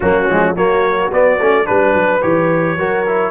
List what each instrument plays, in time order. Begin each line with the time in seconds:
0.00 tuba F#3, trombone A#3, horn C#4, trumpet F#4
0.28 tuba F3, trombone G#3
0.54 tuba F#3, trombone A#3, horn F#4, trumpet C#5
1.11 trombone B3, tuba B3, trumpet D5
1.39 tuba A3, trombone C#4
1.65 tuba G3, trombone D4, trumpet B4, horn B4
1.94 tuba F#3
2.22 tuba E3, trombone G4, trumpet C#5
2.77 tuba F#3, trombone F#4, horn A#4
3.06 trombone E4